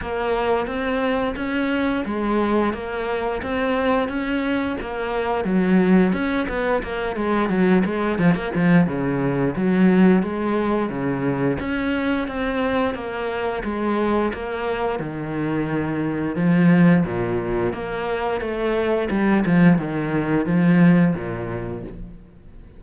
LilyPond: \new Staff \with { instrumentName = "cello" } { \time 4/4 \tempo 4 = 88 ais4 c'4 cis'4 gis4 | ais4 c'4 cis'4 ais4 | fis4 cis'8 b8 ais8 gis8 fis8 gis8 | f16 ais16 f8 cis4 fis4 gis4 |
cis4 cis'4 c'4 ais4 | gis4 ais4 dis2 | f4 ais,4 ais4 a4 | g8 f8 dis4 f4 ais,4 | }